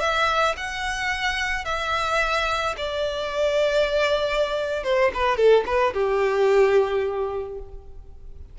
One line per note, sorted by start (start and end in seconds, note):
0.00 0.55 E5
0.57 1.65 F#5
1.65 2.75 E5
2.77 4.83 D5
4.84 5.11 C5
5.14 5.36 B4
5.36 5.64 A4
5.66 5.93 B4
5.93 7.59 G4